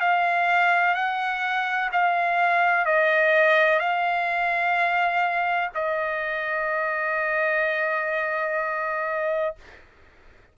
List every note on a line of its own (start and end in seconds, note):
0.00 0.94 F5
0.94 1.90 F#5
1.92 2.85 F5
2.85 3.79 D#5
3.79 5.69 F5
5.74 9.55 D#5